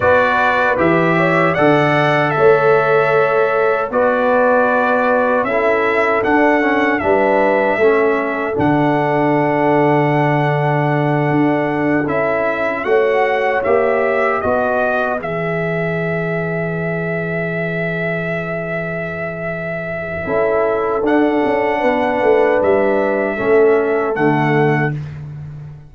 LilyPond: <<
  \new Staff \with { instrumentName = "trumpet" } { \time 4/4 \tempo 4 = 77 d''4 e''4 fis''4 e''4~ | e''4 d''2 e''4 | fis''4 e''2 fis''4~ | fis''2.~ fis''8 e''8~ |
e''8 fis''4 e''4 dis''4 e''8~ | e''1~ | e''2. fis''4~ | fis''4 e''2 fis''4 | }
  \new Staff \with { instrumentName = "horn" } { \time 4/4 b'4. cis''8 d''4 cis''4~ | cis''4 b'2 a'4~ | a'4 b'4 a'2~ | a'1~ |
a'8 cis''2 b'4.~ | b'1~ | b'2 a'2 | b'2 a'2 | }
  \new Staff \with { instrumentName = "trombone" } { \time 4/4 fis'4 g'4 a'2~ | a'4 fis'2 e'4 | d'8 cis'8 d'4 cis'4 d'4~ | d'2.~ d'8 e'8~ |
e'8 fis'4 g'4 fis'4 gis'8~ | gis'1~ | gis'2 e'4 d'4~ | d'2 cis'4 a4 | }
  \new Staff \with { instrumentName = "tuba" } { \time 4/4 b4 e4 d4 a4~ | a4 b2 cis'4 | d'4 g4 a4 d4~ | d2~ d8 d'4 cis'8~ |
cis'8 a4 ais4 b4 e8~ | e1~ | e2 cis'4 d'8 cis'8 | b8 a8 g4 a4 d4 | }
>>